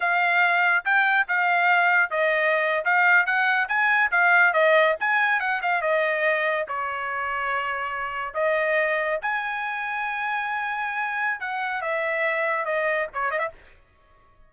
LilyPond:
\new Staff \with { instrumentName = "trumpet" } { \time 4/4 \tempo 4 = 142 f''2 g''4 f''4~ | f''4 dis''4.~ dis''16 f''4 fis''16~ | fis''8. gis''4 f''4 dis''4 gis''16~ | gis''8. fis''8 f''8 dis''2 cis''16~ |
cis''2.~ cis''8. dis''16~ | dis''4.~ dis''16 gis''2~ gis''16~ | gis''2. fis''4 | e''2 dis''4 cis''8 dis''16 e''16 | }